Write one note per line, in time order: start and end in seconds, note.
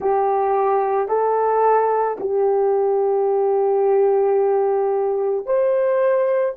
0.00 1.08 G4
1.08 2.17 A4
2.20 5.45 G4
5.45 6.55 C5